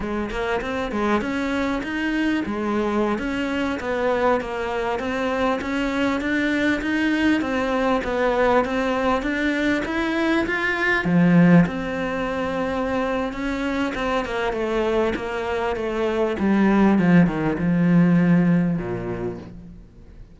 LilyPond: \new Staff \with { instrumentName = "cello" } { \time 4/4 \tempo 4 = 99 gis8 ais8 c'8 gis8 cis'4 dis'4 | gis4~ gis16 cis'4 b4 ais8.~ | ais16 c'4 cis'4 d'4 dis'8.~ | dis'16 c'4 b4 c'4 d'8.~ |
d'16 e'4 f'4 f4 c'8.~ | c'2 cis'4 c'8 ais8 | a4 ais4 a4 g4 | f8 dis8 f2 ais,4 | }